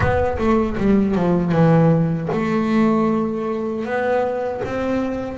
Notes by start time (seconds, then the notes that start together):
0.00 B3
0.38 A3
0.77 G3
1.15 F3
1.52 E3
2.32 A3
3.85 B3
4.64 C4